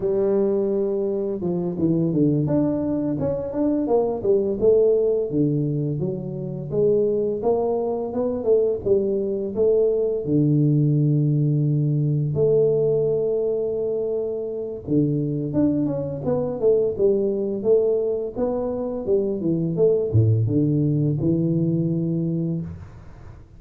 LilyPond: \new Staff \with { instrumentName = "tuba" } { \time 4/4 \tempo 4 = 85 g2 f8 e8 d8 d'8~ | d'8 cis'8 d'8 ais8 g8 a4 d8~ | d8 fis4 gis4 ais4 b8 | a8 g4 a4 d4.~ |
d4. a2~ a8~ | a4 d4 d'8 cis'8 b8 a8 | g4 a4 b4 g8 e8 | a8 a,8 d4 e2 | }